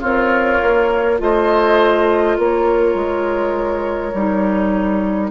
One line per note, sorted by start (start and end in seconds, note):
0.00 0.60 C4
0.00 1.18 F4
0.00 1.18 A#4
0.00 1.19 C#5
0.61 1.20 A#3
1.18 2.37 A3
1.18 4.12 F4
1.18 2.38 C5
1.18 2.37 D#5
2.37 2.94 A#3
2.37 5.30 A#4
2.37 5.30 C#5
2.94 4.12 G#3
4.13 5.30 G3
4.13 5.30 D#4